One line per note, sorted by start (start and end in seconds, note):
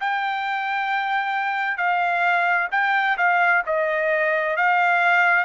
0.00 1.77 G5
1.77 2.68 F5
2.71 3.17 G5
3.17 3.62 F5
3.66 4.56 D#5
4.56 5.44 F5